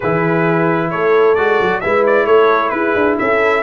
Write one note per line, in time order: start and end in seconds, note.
0.00 0.93 E3
0.00 1.37 E4
0.00 0.89 G#4
0.00 0.90 B4
0.90 1.37 A3
0.90 1.82 A4
0.90 1.34 C#5
1.34 1.59 G#3
1.34 1.82 F#4
1.34 1.80 D5
1.60 1.83 F#3
1.80 2.26 G#3
1.80 3.63 E4
1.80 2.26 B4
1.80 2.03 E5
2.06 2.26 D5
2.26 2.71 A3
2.26 2.71 A4
2.26 2.69 C#5
2.69 2.94 E4
2.69 3.20 G#4
2.69 3.15 B4
2.95 3.18 D4
3.18 3.63 C#4
3.18 3.63 A4
3.18 3.63 E5